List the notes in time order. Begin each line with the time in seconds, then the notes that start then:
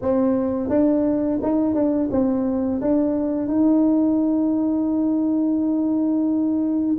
0.01 C4
0.69 D4
1.42 D#4
1.74 D4
2.11 C4
2.81 D4
3.47 D#4